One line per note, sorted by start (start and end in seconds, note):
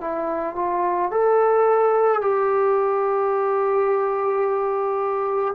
0.00 0.55 E4
0.55 1.11 F4
1.11 2.21 A4
2.21 5.55 G4